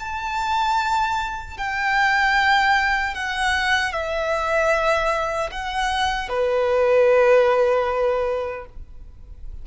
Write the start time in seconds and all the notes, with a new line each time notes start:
0.00 A5
1.58 G5
3.15 F#5
3.93 E5
5.51 F#5
6.29 B4